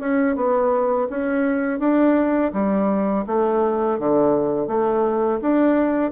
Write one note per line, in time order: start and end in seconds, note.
0.00 0.36 C#4
0.36 1.08 B3
1.10 1.79 C#4
1.79 2.52 D4
2.53 3.26 G3
3.27 3.99 A3
3.99 4.67 D3
4.67 5.40 A3
5.42 6.12 D4